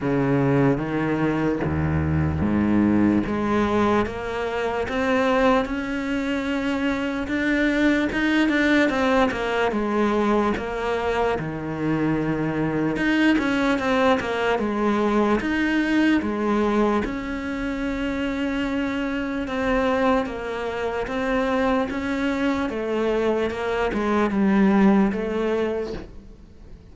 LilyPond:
\new Staff \with { instrumentName = "cello" } { \time 4/4 \tempo 4 = 74 cis4 dis4 dis,4 gis,4 | gis4 ais4 c'4 cis'4~ | cis'4 d'4 dis'8 d'8 c'8 ais8 | gis4 ais4 dis2 |
dis'8 cis'8 c'8 ais8 gis4 dis'4 | gis4 cis'2. | c'4 ais4 c'4 cis'4 | a4 ais8 gis8 g4 a4 | }